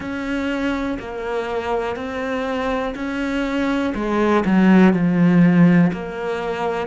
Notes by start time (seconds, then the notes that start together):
0.00 C#4
0.99 A#3
1.95 C4
2.95 C#4
3.94 G#3
4.45 F#3
4.93 F3
5.92 A#3